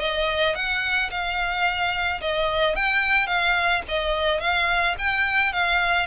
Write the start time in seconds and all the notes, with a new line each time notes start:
0.00 D#5
0.55 F#5
1.11 F5
2.21 D#5
2.75 G5
3.27 F5
3.88 D#5
4.40 F5
4.98 G5
5.53 F5